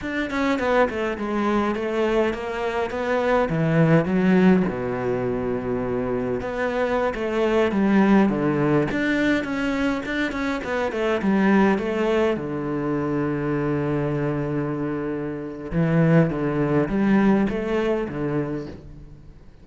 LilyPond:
\new Staff \with { instrumentName = "cello" } { \time 4/4 \tempo 4 = 103 d'8 cis'8 b8 a8 gis4 a4 | ais4 b4 e4 fis4 | b,2. b4~ | b16 a4 g4 d4 d'8.~ |
d'16 cis'4 d'8 cis'8 b8 a8 g8.~ | g16 a4 d2~ d8.~ | d2. e4 | d4 g4 a4 d4 | }